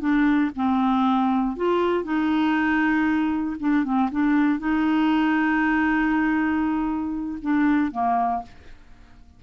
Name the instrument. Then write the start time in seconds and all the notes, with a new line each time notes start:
clarinet
0.00 D4
0.56 C4
1.56 F4
2.04 D#4
3.59 D4
3.84 C4
4.11 D4
4.59 D#4
7.42 D4
7.91 A#3